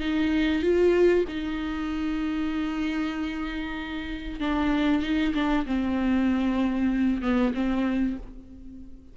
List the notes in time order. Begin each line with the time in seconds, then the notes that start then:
0.00 D#4
0.62 F4
1.28 D#4
4.40 D4
5.02 D#4
5.34 D4
5.66 C4
7.22 B3
7.54 C4